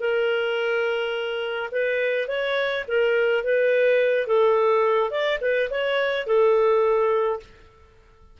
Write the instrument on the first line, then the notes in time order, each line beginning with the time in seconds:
clarinet
0.00 A#4
1.71 B4
2.28 C#5
2.88 A#4
3.44 B4
4.27 A4
5.10 D5
5.41 B4
5.70 C#5
6.27 A4